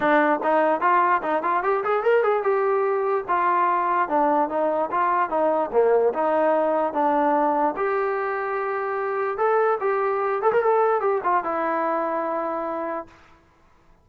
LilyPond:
\new Staff \with { instrumentName = "trombone" } { \time 4/4 \tempo 4 = 147 d'4 dis'4 f'4 dis'8 f'8 | g'8 gis'8 ais'8 gis'8 g'2 | f'2 d'4 dis'4 | f'4 dis'4 ais4 dis'4~ |
dis'4 d'2 g'4~ | g'2. a'4 | g'4. a'16 ais'16 a'4 g'8 f'8 | e'1 | }